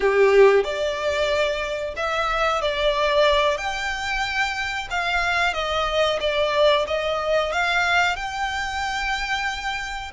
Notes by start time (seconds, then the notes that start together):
0.00 G4
0.64 D5
1.96 E5
2.61 D5
3.57 G5
4.90 F5
5.53 D#5
6.20 D5
6.87 D#5
7.52 F5
8.16 G5